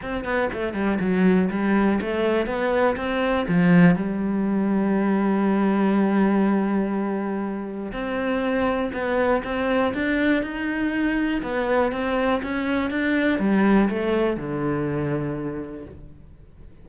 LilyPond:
\new Staff \with { instrumentName = "cello" } { \time 4/4 \tempo 4 = 121 c'8 b8 a8 g8 fis4 g4 | a4 b4 c'4 f4 | g1~ | g1 |
c'2 b4 c'4 | d'4 dis'2 b4 | c'4 cis'4 d'4 g4 | a4 d2. | }